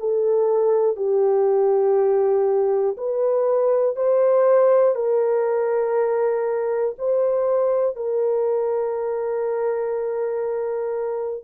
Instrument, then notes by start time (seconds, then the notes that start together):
horn
0.00 A4
0.97 G4
2.97 B4
3.97 C5
4.95 A#4
6.99 C5
7.96 A#4